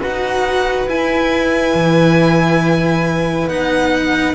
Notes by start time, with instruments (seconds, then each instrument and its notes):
0.00 double bass D#4, cello F#4, violin B4 F#5
0.86 double bass E4, cello E4, violin G#5
1.73 double bass E3
3.48 double bass B3, cello D#4, violin F#5